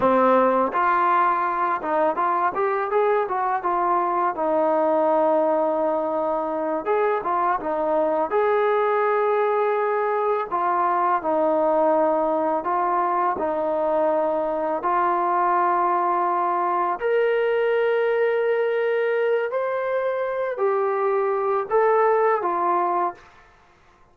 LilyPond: \new Staff \with { instrumentName = "trombone" } { \time 4/4 \tempo 4 = 83 c'4 f'4. dis'8 f'8 g'8 | gis'8 fis'8 f'4 dis'2~ | dis'4. gis'8 f'8 dis'4 gis'8~ | gis'2~ gis'8 f'4 dis'8~ |
dis'4. f'4 dis'4.~ | dis'8 f'2. ais'8~ | ais'2. c''4~ | c''8 g'4. a'4 f'4 | }